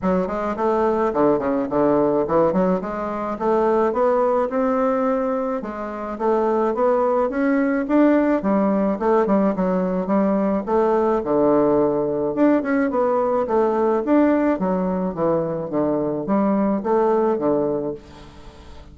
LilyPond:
\new Staff \with { instrumentName = "bassoon" } { \time 4/4 \tempo 4 = 107 fis8 gis8 a4 d8 cis8 d4 | e8 fis8 gis4 a4 b4 | c'2 gis4 a4 | b4 cis'4 d'4 g4 |
a8 g8 fis4 g4 a4 | d2 d'8 cis'8 b4 | a4 d'4 fis4 e4 | d4 g4 a4 d4 | }